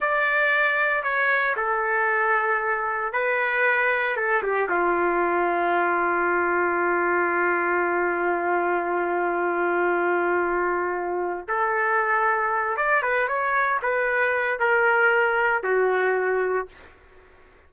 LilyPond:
\new Staff \with { instrumentName = "trumpet" } { \time 4/4 \tempo 4 = 115 d''2 cis''4 a'4~ | a'2 b'2 | a'8 g'8 f'2.~ | f'1~ |
f'1~ | f'2 a'2~ | a'8 d''8 b'8 cis''4 b'4. | ais'2 fis'2 | }